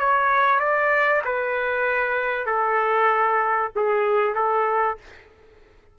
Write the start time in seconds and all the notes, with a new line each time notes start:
0.00 C#5
0.60 D5
1.25 B4
2.47 A4
3.76 G#4
4.36 A4